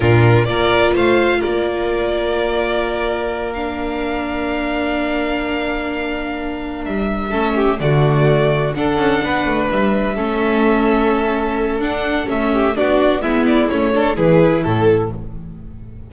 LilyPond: <<
  \new Staff \with { instrumentName = "violin" } { \time 4/4 \tempo 4 = 127 ais'4 d''4 f''4 d''4~ | d''2.~ d''8 f''8~ | f''1~ | f''2~ f''8 e''4.~ |
e''8 d''2 fis''4.~ | fis''8 e''2.~ e''8~ | e''4 fis''4 e''4 d''4 | e''8 d''8 cis''4 b'4 a'4 | }
  \new Staff \with { instrumentName = "violin" } { \time 4/4 f'4 ais'4 c''4 ais'4~ | ais'1~ | ais'1~ | ais'2.~ ais'8 a'8 |
g'8 fis'2 a'4 b'8~ | b'4. a'2~ a'8~ | a'2~ a'8 g'8 fis'4 | e'4. a'8 gis'4 a'4 | }
  \new Staff \with { instrumentName = "viola" } { \time 4/4 d'4 f'2.~ | f'2.~ f'8 d'8~ | d'1~ | d'2.~ d'8 cis'8~ |
cis'8 a2 d'4.~ | d'4. cis'2~ cis'8~ | cis'4 d'4 cis'4 d'4 | b4 cis'8 d'8 e'2 | }
  \new Staff \with { instrumentName = "double bass" } { \time 4/4 ais,4 ais4 a4 ais4~ | ais1~ | ais1~ | ais2~ ais8 g4 a8~ |
a8 d2 d'8 cis'8 b8 | a8 g4 a2~ a8~ | a4 d'4 a4 b4 | gis4 a4 e4 a,4 | }
>>